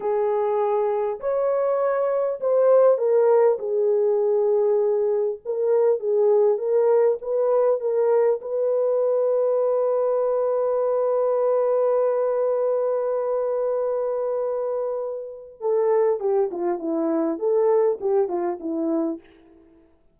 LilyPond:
\new Staff \with { instrumentName = "horn" } { \time 4/4 \tempo 4 = 100 gis'2 cis''2 | c''4 ais'4 gis'2~ | gis'4 ais'4 gis'4 ais'4 | b'4 ais'4 b'2~ |
b'1~ | b'1~ | b'2 a'4 g'8 f'8 | e'4 a'4 g'8 f'8 e'4 | }